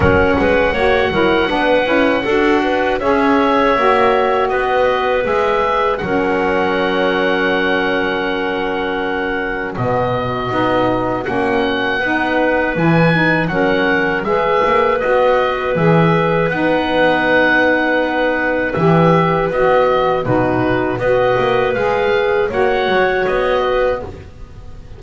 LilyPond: <<
  \new Staff \with { instrumentName = "oboe" } { \time 4/4 \tempo 4 = 80 fis''1 | e''2 dis''4 e''4 | fis''1~ | fis''4 dis''2 fis''4~ |
fis''4 gis''4 fis''4 e''4 | dis''4 e''4 fis''2~ | fis''4 e''4 dis''4 b'4 | dis''4 f''4 fis''4 dis''4 | }
  \new Staff \with { instrumentName = "clarinet" } { \time 4/4 ais'8 b'8 cis''8 ais'8 b'4 a'8 b'8 | cis''2 b'2 | ais'1~ | ais'4 fis'2. |
b'2 ais'4 b'4~ | b'1~ | b'2. fis'4 | b'2 cis''4. b'8 | }
  \new Staff \with { instrumentName = "saxophone" } { \time 4/4 cis'4 fis'8 e'8 d'8 e'8 fis'4 | gis'4 fis'2 gis'4 | cis'1~ | cis'4 b4 dis'4 cis'4 |
dis'4 e'8 dis'8 cis'4 gis'4 | fis'4 gis'4 dis'2~ | dis'4 g'4 fis'4 dis'4 | fis'4 gis'4 fis'2 | }
  \new Staff \with { instrumentName = "double bass" } { \time 4/4 fis8 gis8 ais8 fis8 b8 cis'8 d'4 | cis'4 ais4 b4 gis4 | fis1~ | fis4 b,4 b4 ais4 |
b4 e4 fis4 gis8 ais8 | b4 e4 b2~ | b4 e4 b4 b,4 | b8 ais8 gis4 ais8 fis8 b4 | }
>>